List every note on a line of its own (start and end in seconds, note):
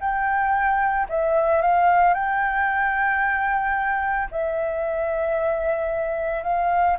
0.00 1.07 G5
1.09 1.61 E5
1.61 2.14 F5
2.14 4.28 G5
4.31 6.43 E5
6.43 6.96 F5